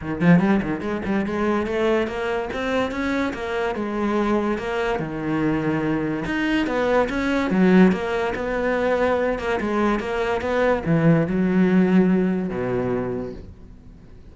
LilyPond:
\new Staff \with { instrumentName = "cello" } { \time 4/4 \tempo 4 = 144 dis8 f8 g8 dis8 gis8 g8 gis4 | a4 ais4 c'4 cis'4 | ais4 gis2 ais4 | dis2. dis'4 |
b4 cis'4 fis4 ais4 | b2~ b8 ais8 gis4 | ais4 b4 e4 fis4~ | fis2 b,2 | }